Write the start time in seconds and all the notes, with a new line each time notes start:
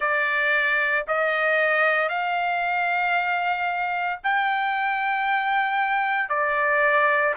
0.00 D5
1.07 D#5
2.08 F5
4.23 G5
6.29 D5